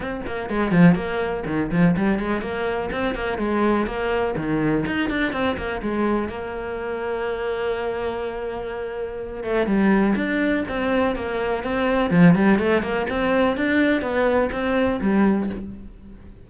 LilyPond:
\new Staff \with { instrumentName = "cello" } { \time 4/4 \tempo 4 = 124 c'8 ais8 gis8 f8 ais4 dis8 f8 | g8 gis8 ais4 c'8 ais8 gis4 | ais4 dis4 dis'8 d'8 c'8 ais8 | gis4 ais2.~ |
ais2.~ ais8 a8 | g4 d'4 c'4 ais4 | c'4 f8 g8 a8 ais8 c'4 | d'4 b4 c'4 g4 | }